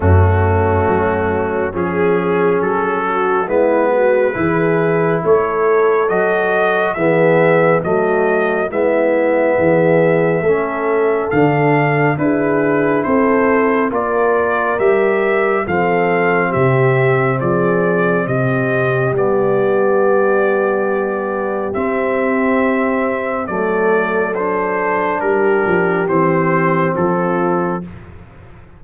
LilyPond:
<<
  \new Staff \with { instrumentName = "trumpet" } { \time 4/4 \tempo 4 = 69 fis'2 gis'4 a'4 | b'2 cis''4 dis''4 | e''4 dis''4 e''2~ | e''4 f''4 b'4 c''4 |
d''4 e''4 f''4 e''4 | d''4 dis''4 d''2~ | d''4 e''2 d''4 | c''4 ais'4 c''4 a'4 | }
  \new Staff \with { instrumentName = "horn" } { \time 4/4 cis'2 gis'4. fis'8 | e'8 fis'8 gis'4 a'2 | gis'4 fis'4 e'4 gis'4 | a'2 gis'4 a'4 |
ais'2 a'4 g'4 | gis'4 g'2.~ | g'2. a'4~ | a'4 g'2 f'4 | }
  \new Staff \with { instrumentName = "trombone" } { \time 4/4 a2 cis'2 | b4 e'2 fis'4 | b4 a4 b2 | cis'4 d'4 e'2 |
f'4 g'4 c'2~ | c'2 b2~ | b4 c'2 a4 | d'2 c'2 | }
  \new Staff \with { instrumentName = "tuba" } { \time 4/4 fis,4 fis4 f4 fis4 | gis4 e4 a4 fis4 | e4 fis4 gis4 e4 | a4 d4 d'4 c'4 |
ais4 g4 f4 c4 | f4 c4 g2~ | g4 c'2 fis4~ | fis4 g8 f8 e4 f4 | }
>>